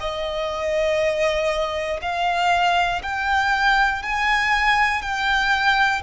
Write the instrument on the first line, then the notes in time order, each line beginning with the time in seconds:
violin
0.00 D#5
2.01 F5
3.02 G5
4.02 G#5
5.01 G5